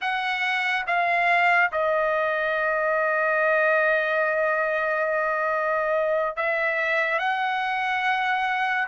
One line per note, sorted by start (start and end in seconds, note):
0.01 0.85 F#5
0.86 1.71 F5
1.72 6.36 D#5
6.36 7.18 E5
7.18 8.87 F#5